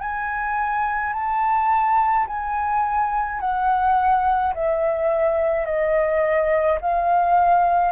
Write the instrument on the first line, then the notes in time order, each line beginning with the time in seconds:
flute
0.00 G#5
1.13 A5
2.27 G#5
3.40 F#5
4.54 E5
5.66 D#5
6.81 F5